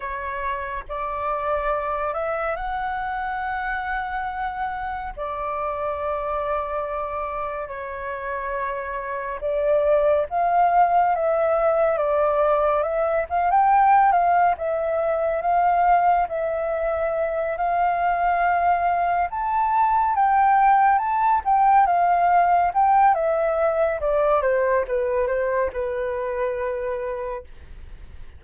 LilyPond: \new Staff \with { instrumentName = "flute" } { \time 4/4 \tempo 4 = 70 cis''4 d''4. e''8 fis''4~ | fis''2 d''2~ | d''4 cis''2 d''4 | f''4 e''4 d''4 e''8 f''16 g''16~ |
g''8 f''8 e''4 f''4 e''4~ | e''8 f''2 a''4 g''8~ | g''8 a''8 g''8 f''4 g''8 e''4 | d''8 c''8 b'8 c''8 b'2 | }